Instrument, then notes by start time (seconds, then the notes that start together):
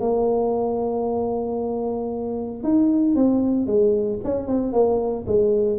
tuba
0.00 A#3
2.63 D#4
3.15 C4
3.66 G#3
4.24 C#4
4.47 C4
4.72 A#3
5.27 G#3